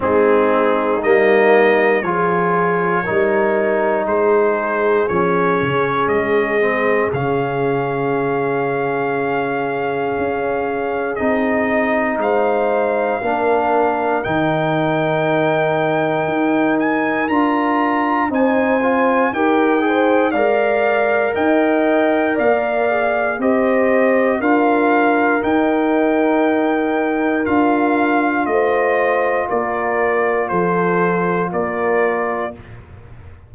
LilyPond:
<<
  \new Staff \with { instrumentName = "trumpet" } { \time 4/4 \tempo 4 = 59 gis'4 dis''4 cis''2 | c''4 cis''4 dis''4 f''4~ | f''2. dis''4 | f''2 g''2~ |
g''8 gis''8 ais''4 gis''4 g''4 | f''4 g''4 f''4 dis''4 | f''4 g''2 f''4 | dis''4 d''4 c''4 d''4 | }
  \new Staff \with { instrumentName = "horn" } { \time 4/4 dis'2 gis'4 ais'4 | gis'1~ | gis'1 | c''4 ais'2.~ |
ais'2 c''4 ais'8 c''8 | d''4 dis''4 d''4 c''4 | ais'1 | c''4 ais'4 a'4 ais'4 | }
  \new Staff \with { instrumentName = "trombone" } { \time 4/4 c'4 ais4 f'4 dis'4~ | dis'4 cis'4. c'8 cis'4~ | cis'2. dis'4~ | dis'4 d'4 dis'2~ |
dis'4 f'4 dis'8 f'8 g'8 gis'8 | ais'2~ ais'8 gis'8 g'4 | f'4 dis'2 f'4~ | f'1 | }
  \new Staff \with { instrumentName = "tuba" } { \time 4/4 gis4 g4 f4 g4 | gis4 f8 cis8 gis4 cis4~ | cis2 cis'4 c'4 | gis4 ais4 dis2 |
dis'4 d'4 c'4 dis'4 | gis4 dis'4 ais4 c'4 | d'4 dis'2 d'4 | a4 ais4 f4 ais4 | }
>>